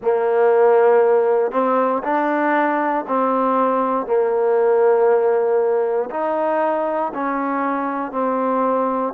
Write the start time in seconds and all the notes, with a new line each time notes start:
0.01 A#3
1.51 C4
2.03 D4
3.07 C4
4.06 A#3
6.10 D#4
7.14 C#4
8.11 C4